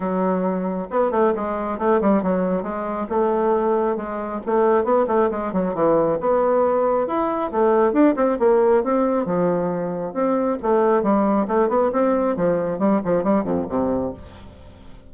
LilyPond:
\new Staff \with { instrumentName = "bassoon" } { \time 4/4 \tempo 4 = 136 fis2 b8 a8 gis4 | a8 g8 fis4 gis4 a4~ | a4 gis4 a4 b8 a8 | gis8 fis8 e4 b2 |
e'4 a4 d'8 c'8 ais4 | c'4 f2 c'4 | a4 g4 a8 b8 c'4 | f4 g8 f8 g8 f,8 c4 | }